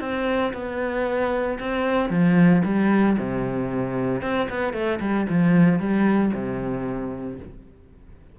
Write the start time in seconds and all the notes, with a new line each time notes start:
0.00 C4
0.54 B3
1.60 C4
2.10 F3
2.65 G3
3.18 C3
4.22 C4
4.50 B3
4.73 A3
5.00 G3
5.30 F3
5.80 G3
6.34 C3